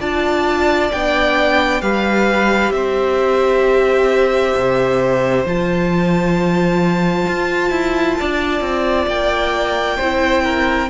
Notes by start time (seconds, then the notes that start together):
0.00 D4 F4 D5 A5
0.92 B3 D4 G5
1.82 G3 G4 B4 F5
2.72 C4 C5 E5
4.56 C3
5.45 F3 F4 A5
7.28 F4
7.71 E4
8.20 D4 D5
8.61 C4
9.07 A#3 G5
9.98 C4 E4 C5
10.44 A#4